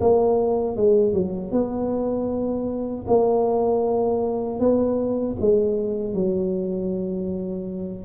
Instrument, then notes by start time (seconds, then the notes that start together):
tuba
0.00 A#3
0.76 G#3
1.13 F#3
1.51 B3
3.07 A#3
4.59 B3
5.40 G#3
6.14 F#3